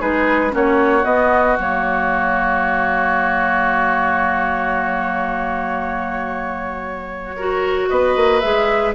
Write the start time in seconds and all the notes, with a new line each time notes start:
0.00 G#3 D#4 G#4 B4
0.50 A#3 C#4 F#4 C#5
1.05 B3 D#5
1.57 F#3 A#3 C#5
7.37 F#4 A#4
7.89 B3 B4 D#5
8.16 A#3
8.40 G#3 G#4 E5